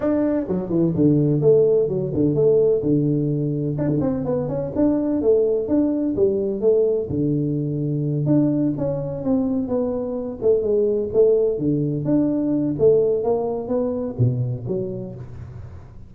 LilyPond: \new Staff \with { instrumentName = "tuba" } { \time 4/4 \tempo 4 = 127 d'4 fis8 e8 d4 a4 | fis8 d8 a4 d2 | d'16 d16 c'8 b8 cis'8 d'4 a4 | d'4 g4 a4 d4~ |
d4. d'4 cis'4 c'8~ | c'8 b4. a8 gis4 a8~ | a8 d4 d'4. a4 | ais4 b4 b,4 fis4 | }